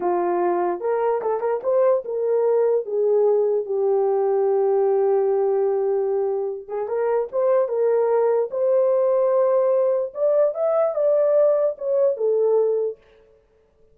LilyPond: \new Staff \with { instrumentName = "horn" } { \time 4/4 \tempo 4 = 148 f'2 ais'4 a'8 ais'8 | c''4 ais'2 gis'4~ | gis'4 g'2.~ | g'1~ |
g'8 gis'8 ais'4 c''4 ais'4~ | ais'4 c''2.~ | c''4 d''4 e''4 d''4~ | d''4 cis''4 a'2 | }